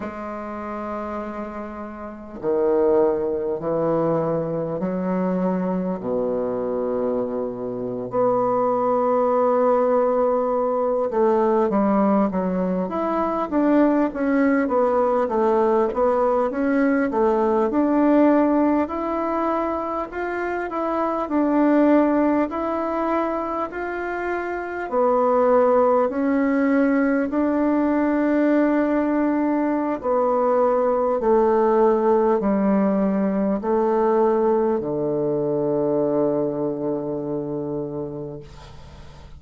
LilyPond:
\new Staff \with { instrumentName = "bassoon" } { \time 4/4 \tempo 4 = 50 gis2 dis4 e4 | fis4 b,4.~ b,16 b4~ b16~ | b4~ b16 a8 g8 fis8 e'8 d'8 cis'16~ | cis'16 b8 a8 b8 cis'8 a8 d'4 e'16~ |
e'8. f'8 e'8 d'4 e'4 f'16~ | f'8. b4 cis'4 d'4~ d'16~ | d'4 b4 a4 g4 | a4 d2. | }